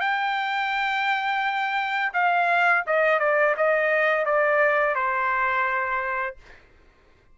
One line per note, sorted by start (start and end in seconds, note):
0.00 2.12 G5
2.13 2.84 F5
2.86 3.19 D#5
3.19 3.55 D5
3.57 4.25 D#5
4.25 4.95 D5
4.95 6.36 C5